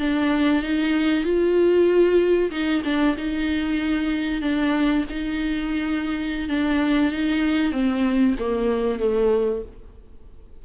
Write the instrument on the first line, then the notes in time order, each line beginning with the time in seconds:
viola
0.00 D4
0.63 D#4
1.24 F4
2.51 D#4
2.85 D4
3.18 D#4
4.42 D4
5.10 D#4
6.49 D4
7.12 D#4
7.73 C4
8.39 A#3
8.99 A3